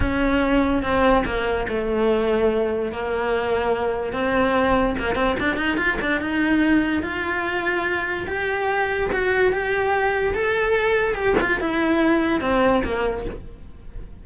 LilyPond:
\new Staff \with { instrumentName = "cello" } { \time 4/4 \tempo 4 = 145 cis'2 c'4 ais4 | a2. ais4~ | ais2 c'2 | ais8 c'8 d'8 dis'8 f'8 d'8 dis'4~ |
dis'4 f'2. | g'2 fis'4 g'4~ | g'4 a'2 g'8 f'8 | e'2 c'4 ais4 | }